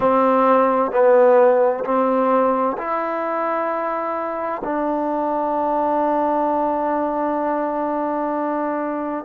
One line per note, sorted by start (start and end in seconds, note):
0.00 0.91 C4
0.91 1.84 B3
1.84 2.77 C4
2.77 4.62 E4
4.64 9.24 D4